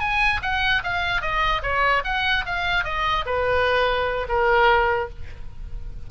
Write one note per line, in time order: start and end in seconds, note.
0.00 0.41 G#5
0.42 0.83 F#5
0.84 1.21 F5
1.21 1.62 D#5
1.63 2.03 C#5
2.04 2.45 F#5
2.46 2.85 F5
2.85 3.25 D#5
3.26 4.27 B4
4.29 5.10 A#4